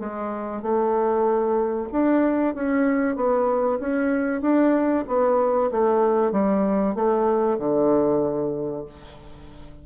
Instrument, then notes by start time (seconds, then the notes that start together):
bassoon
0.00 G#3
0.63 A3
1.92 D4
2.55 C#4
3.16 B3
3.80 C#4
4.42 D4
5.08 B3
5.72 A3
6.32 G3
6.95 A3
7.59 D3